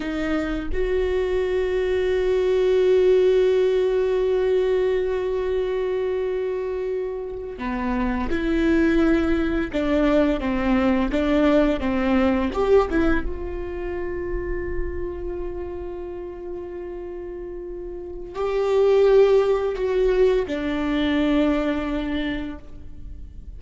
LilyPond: \new Staff \with { instrumentName = "viola" } { \time 4/4 \tempo 4 = 85 dis'4 fis'2.~ | fis'1~ | fis'2~ fis'8. b4 e'16~ | e'4.~ e'16 d'4 c'4 d'16~ |
d'8. c'4 g'8 e'8 f'4~ f'16~ | f'1~ | f'2 g'2 | fis'4 d'2. | }